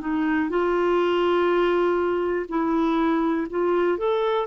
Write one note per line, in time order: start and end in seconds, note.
0.00 0.49 D#4
0.49 2.46 F4
2.49 3.47 E4
3.50 3.98 F4
3.98 4.47 A4